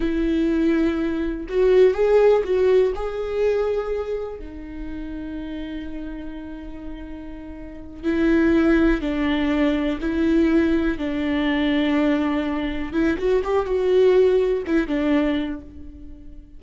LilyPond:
\new Staff \with { instrumentName = "viola" } { \time 4/4 \tempo 4 = 123 e'2. fis'4 | gis'4 fis'4 gis'2~ | gis'4 dis'2.~ | dis'1~ |
dis'8 e'2 d'4.~ | d'8 e'2 d'4.~ | d'2~ d'8 e'8 fis'8 g'8 | fis'2 e'8 d'4. | }